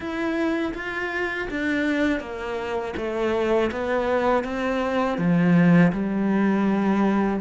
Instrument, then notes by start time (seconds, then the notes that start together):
cello
0.00 E4
0.74 F4
1.50 D4
2.20 A#3
2.96 A3
3.71 B3
4.44 C4
5.18 F3
5.92 G3